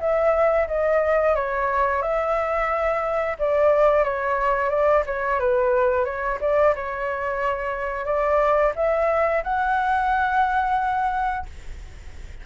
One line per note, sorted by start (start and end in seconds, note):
0.00 0.67 E5
0.68 1.35 D#5
1.35 2.02 C#5
2.02 3.37 E5
3.39 4.04 D5
4.04 4.70 C#5
4.70 5.03 D5
5.06 5.40 C#5
5.40 6.05 B4
6.05 6.38 C#5
6.41 6.74 D5
6.75 8.05 C#5
8.05 8.73 D5
8.76 9.43 E5
9.44 11.46 F#5